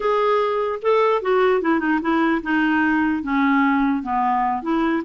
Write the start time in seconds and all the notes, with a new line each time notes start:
0.00 G#4
0.81 A4
1.22 F#4
1.61 E4
1.79 D#4
2.01 E4
2.42 D#4
3.22 C#4
4.02 B3
4.62 E4